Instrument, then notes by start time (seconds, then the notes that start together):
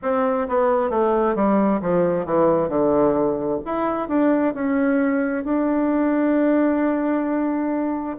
bassoon
0.02 C4
0.48 B3
0.90 A3
1.35 G3
1.81 F3
2.25 E3
2.69 D3
3.65 E4
4.08 D4
4.54 C#4
5.44 D4